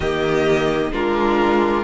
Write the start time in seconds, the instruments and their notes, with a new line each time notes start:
0.00 cello D#3, viola A#3, violin G4 D#5
0.92 cello G#3, viola D4, violin F4 A#4